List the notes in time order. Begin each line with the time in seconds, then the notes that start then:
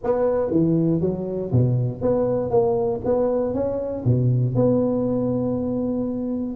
0.03 B3
0.50 E3
1.01 F#3
1.51 B2
2.01 B3
2.50 A#3
3.04 B3
3.54 C#4
4.05 B2
4.55 B3